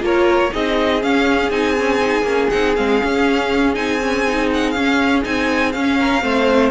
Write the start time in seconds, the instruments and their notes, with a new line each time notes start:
0.00 cello A#3, viola F4, violin A#4 C#5
0.52 cello C4, viola D#4, violin G#4 D#5
1.02 viola C#4, cello C#4, violin F5
1.51 cello C4, viola D#4, violin G#5
1.76 viola C#4
2.00 viola D#4
2.23 cello A#3, viola C#4
2.50 cello C4, viola D#4, violin F#5
2.76 cello G#3, viola C4, violin F5
3.01 viola C#4, cello C#4
3.74 cello C4, viola D#4, violin G#5
4.02 viola C#4
4.27 viola D#4
4.53 violin F#5
4.71 viola C#4, cello C#4, violin F5
5.23 cello C4, viola D#4, violin G#5
5.72 cello C#4, viola C#4, violin F5
5.99 violin A#4
6.21 cello A3, viola C4, violin C5